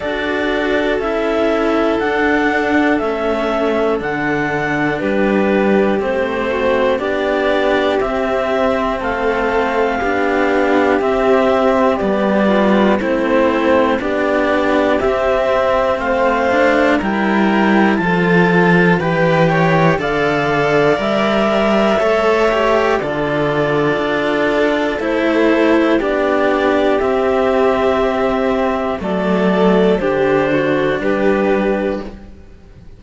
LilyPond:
<<
  \new Staff \with { instrumentName = "clarinet" } { \time 4/4 \tempo 4 = 60 d''4 e''4 fis''4 e''4 | fis''4 b'4 c''4 d''4 | e''4 f''2 e''4 | d''4 c''4 d''4 e''4 |
f''4 g''4 a''4 g''4 | f''4 e''2 d''4~ | d''4 c''4 d''4 e''4~ | e''4 d''4 c''4 b'4 | }
  \new Staff \with { instrumentName = "violin" } { \time 4/4 a'1~ | a'4 g'4. fis'8 g'4~ | g'4 a'4 g'2~ | g'8 f'8 e'4 g'2 |
c''4 ais'4 a'4 b'8 cis''8 | d''2 cis''4 a'4~ | a'2 g'2~ | g'4 a'4 g'8 fis'8 g'4 | }
  \new Staff \with { instrumentName = "cello" } { \time 4/4 fis'4 e'4 d'4 cis'4 | d'2 c'4 d'4 | c'2 d'4 c'4 | b4 c'4 d'4 c'4~ |
c'8 d'8 e'4 f'4 g'4 | a'4 ais'4 a'8 g'8 f'4~ | f'4 e'4 d'4 c'4~ | c'4 a4 d'2 | }
  \new Staff \with { instrumentName = "cello" } { \time 4/4 d'4 cis'4 d'4 a4 | d4 g4 a4 b4 | c'4 a4 b4 c'4 | g4 a4 b4 c'4 |
a4 g4 f4 e4 | d4 g4 a4 d4 | d'4 a4 b4 c'4~ | c'4 fis4 d4 g4 | }
>>